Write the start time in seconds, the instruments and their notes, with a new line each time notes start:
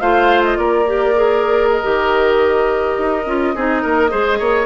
0.00 bassoon A3, clarinet F4, oboe C5, flute F5
0.44 flute D#5
0.57 bassoon A#3, oboe A#4, flute D5
0.87 clarinet G4
1.15 clarinet G#4
1.70 flute D#5
1.83 bassoon D#3, clarinet G4
2.98 bassoon D#4
3.26 bassoon C#4, clarinet F4
3.55 bassoon C4, clarinet D#4, oboe G#4
3.82 bassoon A#3, oboe A#4
4.09 bassoon G#3, clarinet G#4, oboe C5
4.39 bassoon A#3, oboe C#5